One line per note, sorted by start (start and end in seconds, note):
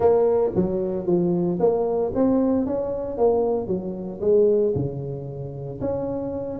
0.00 0.51 A#3
0.55 1.06 F#3
1.06 1.58 F3
1.59 2.12 A#3
2.14 2.66 C4
2.66 3.17 C#4
3.17 3.67 A#3
3.67 4.19 F#3
4.21 4.73 G#3
4.75 5.80 C#3
5.80 6.59 C#4